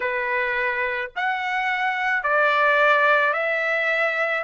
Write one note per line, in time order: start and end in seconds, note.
0.00 1.11 B4
1.16 2.23 F#5
2.23 3.33 D5
3.33 4.44 E5